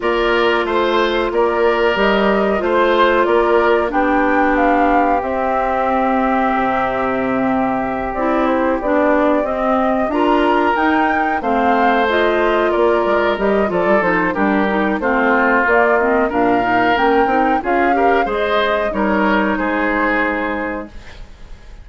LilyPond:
<<
  \new Staff \with { instrumentName = "flute" } { \time 4/4 \tempo 4 = 92 d''4 c''4 d''4 dis''4 | c''4 d''4 g''4 f''4 | e''1~ | e''8 d''8 c''8 d''4 dis''4 ais''8~ |
ais''8 g''4 f''4 dis''4 d''8~ | d''8 dis''8 d''8 c''8 ais'4 c''4 | d''8 dis''8 f''4 g''4 f''4 | dis''4 cis''4 c''2 | }
  \new Staff \with { instrumentName = "oboe" } { \time 4/4 ais'4 c''4 ais'2 | c''4 ais'4 g'2~ | g'1~ | g'2.~ g'8 ais'8~ |
ais'4. c''2 ais'8~ | ais'4 a'4 g'4 f'4~ | f'4 ais'2 gis'8 ais'8 | c''4 ais'4 gis'2 | }
  \new Staff \with { instrumentName = "clarinet" } { \time 4/4 f'2. g'4 | f'2 d'2 | c'1~ | c'8 e'4 d'4 c'4 f'8~ |
f'8 dis'4 c'4 f'4.~ | f'8 g'8 f'8 dis'8 d'8 dis'8 c'4 | ais8 c'8 d'8 dis'8 cis'8 dis'8 f'8 g'8 | gis'4 dis'2. | }
  \new Staff \with { instrumentName = "bassoon" } { \time 4/4 ais4 a4 ais4 g4 | a4 ais4 b2 | c'2 c2~ | c8 c'4 b4 c'4 d'8~ |
d'8 dis'4 a2 ais8 | gis8 g8 f16 g16 f8 g4 a4 | ais4 ais,4 ais8 c'8 cis'4 | gis4 g4 gis2 | }
>>